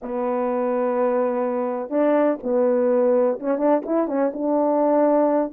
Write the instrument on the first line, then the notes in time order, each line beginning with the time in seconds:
horn
0.02 B3
1.90 D4
2.43 B3
3.39 C#4
3.58 D4
3.85 E4
4.07 C#4
4.33 D4